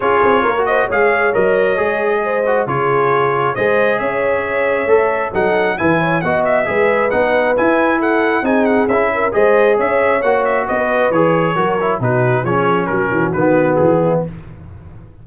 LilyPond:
<<
  \new Staff \with { instrumentName = "trumpet" } { \time 4/4 \tempo 4 = 135 cis''4. dis''8 f''4 dis''4~ | dis''2 cis''2 | dis''4 e''2. | fis''4 gis''4 fis''8 e''4. |
fis''4 gis''4 fis''4 gis''8 fis''8 | e''4 dis''4 e''4 fis''8 e''8 | dis''4 cis''2 b'4 | cis''4 ais'4 b'4 gis'4 | }
  \new Staff \with { instrumentName = "horn" } { \time 4/4 gis'4 ais'8 c''8 cis''2~ | cis''4 c''4 gis'2 | c''4 cis''2. | a'4 b'8 cis''8 dis''4 b'4~ |
b'2 a'4 gis'4~ | gis'8 ais'8 c''4 cis''2 | b'2 ais'4 fis'4 | gis'4 fis'2~ fis'8 e'8 | }
  \new Staff \with { instrumentName = "trombone" } { \time 4/4 f'4~ f'16 fis'8. gis'4 ais'4 | gis'4. fis'8 f'2 | gis'2. a'4 | dis'4 e'4 fis'4 gis'4 |
dis'4 e'2 dis'4 | e'4 gis'2 fis'4~ | fis'4 gis'4 fis'8 e'8 dis'4 | cis'2 b2 | }
  \new Staff \with { instrumentName = "tuba" } { \time 4/4 cis'8 c'8 ais4 gis4 fis4 | gis2 cis2 | gis4 cis'2 a4 | fis4 e4 b4 gis4 |
b4 e'2 c'4 | cis'4 gis4 cis'4 ais4 | b4 e4 fis4 b,4 | f4 fis8 e8 dis4 e4 | }
>>